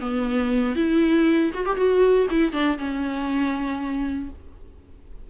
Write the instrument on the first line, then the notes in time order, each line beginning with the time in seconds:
viola
0.00 B3
0.75 E4
1.54 F#4
1.65 G4
1.76 F#4
2.30 E4
2.52 D4
2.78 C#4